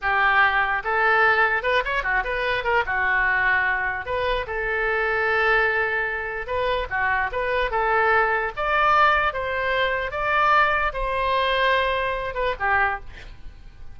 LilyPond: \new Staff \with { instrumentName = "oboe" } { \time 4/4 \tempo 4 = 148 g'2 a'2 | b'8 cis''8 fis'8 b'4 ais'8 fis'4~ | fis'2 b'4 a'4~ | a'1 |
b'4 fis'4 b'4 a'4~ | a'4 d''2 c''4~ | c''4 d''2 c''4~ | c''2~ c''8 b'8 g'4 | }